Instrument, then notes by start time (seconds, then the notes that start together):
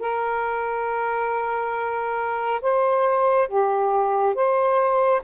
saxophone
0.00 A#4
2.62 C5
3.48 G4
4.35 C5